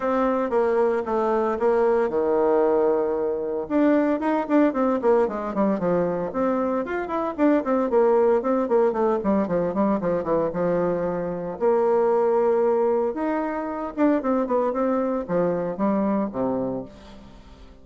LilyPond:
\new Staff \with { instrumentName = "bassoon" } { \time 4/4 \tempo 4 = 114 c'4 ais4 a4 ais4 | dis2. d'4 | dis'8 d'8 c'8 ais8 gis8 g8 f4 | c'4 f'8 e'8 d'8 c'8 ais4 |
c'8 ais8 a8 g8 f8 g8 f8 e8 | f2 ais2~ | ais4 dis'4. d'8 c'8 b8 | c'4 f4 g4 c4 | }